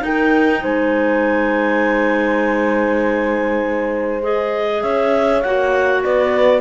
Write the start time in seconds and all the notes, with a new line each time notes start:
0.00 D#4 A#4 G5
0.61 G#3 C5 G#5
4.22 G#4 D#5
4.82 C#4 C#5 E5
5.41 A#3 F#4 F#5
6.03 B3 B4 D5